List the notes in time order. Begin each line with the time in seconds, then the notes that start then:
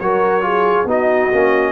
0.00 F#3 F#4 A#4 C#5
0.42 F4 G#4
0.86 B3 D#4 F#4 D#5
1.33 A#3 C#4